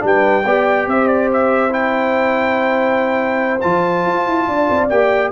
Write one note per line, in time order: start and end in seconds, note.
0.00 0.45 G3
0.00 0.42 D4
0.00 0.44 B4
0.06 0.89 G5
0.44 0.87 B3
0.44 1.70 G4
0.44 0.87 D5
0.87 3.61 C4
0.87 4.49 C5
0.87 1.07 E5
1.07 1.29 D5
1.33 1.73 E5
1.70 3.60 E4
1.70 3.61 G5
3.61 4.06 F3
3.61 4.90 F4
3.61 4.87 A5
4.06 4.26 F4
4.26 4.48 E4
4.48 4.69 D4
4.48 5.32 D5
4.70 4.90 C4
4.89 5.32 A#3
4.89 5.32 G4
4.89 5.31 G5